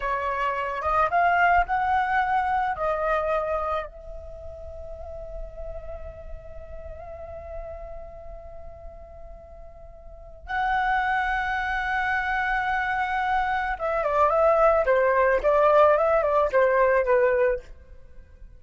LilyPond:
\new Staff \with { instrumentName = "flute" } { \time 4/4 \tempo 4 = 109 cis''4. dis''8 f''4 fis''4~ | fis''4 dis''2 e''4~ | e''1~ | e''1~ |
e''2. fis''4~ | fis''1~ | fis''4 e''8 d''8 e''4 c''4 | d''4 e''8 d''8 c''4 b'4 | }